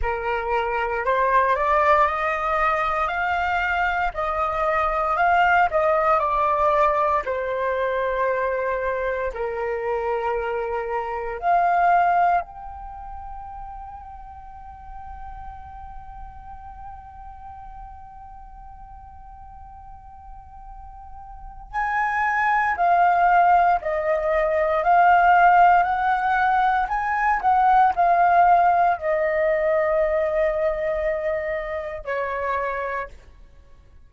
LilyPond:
\new Staff \with { instrumentName = "flute" } { \time 4/4 \tempo 4 = 58 ais'4 c''8 d''8 dis''4 f''4 | dis''4 f''8 dis''8 d''4 c''4~ | c''4 ais'2 f''4 | g''1~ |
g''1~ | g''4 gis''4 f''4 dis''4 | f''4 fis''4 gis''8 fis''8 f''4 | dis''2. cis''4 | }